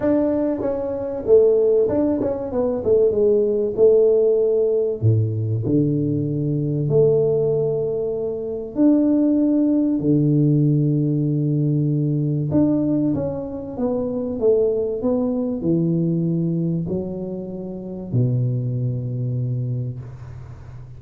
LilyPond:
\new Staff \with { instrumentName = "tuba" } { \time 4/4 \tempo 4 = 96 d'4 cis'4 a4 d'8 cis'8 | b8 a8 gis4 a2 | a,4 d2 a4~ | a2 d'2 |
d1 | d'4 cis'4 b4 a4 | b4 e2 fis4~ | fis4 b,2. | }